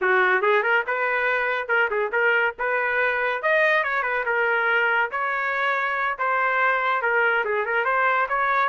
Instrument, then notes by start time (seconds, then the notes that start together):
trumpet
0.01 F#4
0.41 G#4
0.62 A#4
0.86 B4
1.68 A#4
1.90 G#4
2.12 A#4
2.58 B4
3.42 D#5
3.83 C#5
4.03 B4
4.25 A#4
5.11 C#5
6.18 C5
7.02 A#4
7.44 G#4
7.65 A#4
7.84 C5
8.29 C#5